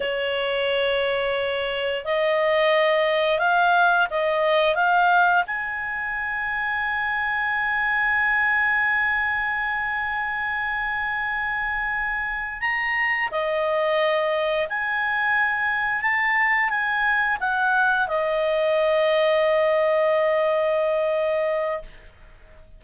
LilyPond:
\new Staff \with { instrumentName = "clarinet" } { \time 4/4 \tempo 4 = 88 cis''2. dis''4~ | dis''4 f''4 dis''4 f''4 | gis''1~ | gis''1~ |
gis''2~ gis''8 ais''4 dis''8~ | dis''4. gis''2 a''8~ | a''8 gis''4 fis''4 dis''4.~ | dis''1 | }